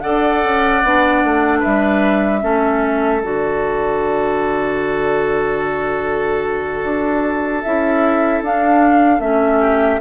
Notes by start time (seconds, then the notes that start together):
0.00 D4 A4 D5 F#5
0.44 C#4
0.83 B3 D4
1.24 A3
1.59 B4 E5
1.65 G3
2.41 A3 C#4 A4
3.22 D3 F#4 D5
6.84 D4
7.62 C#4 E4 E5
8.42 D4 F5
9.20 A3 C#4 E5
9.60 G4